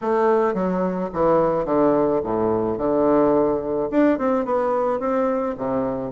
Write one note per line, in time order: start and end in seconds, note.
0.01 0.54 A3
0.54 1.09 F#3
1.13 1.65 E3
1.65 2.20 D3
2.23 2.78 A2
2.78 3.89 D3
3.90 4.18 D4
4.18 4.45 C4
4.45 4.99 B3
4.99 5.55 C4
5.57 6.11 C3